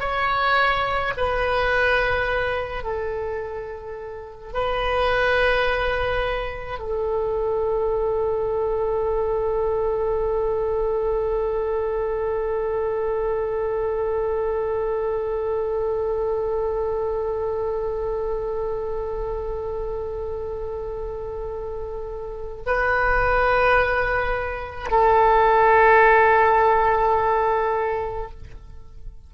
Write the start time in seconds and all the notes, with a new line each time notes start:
0.00 C#5
1.17 B4
2.84 A4
4.53 B4
6.79 A4
22.66 B4
24.91 A4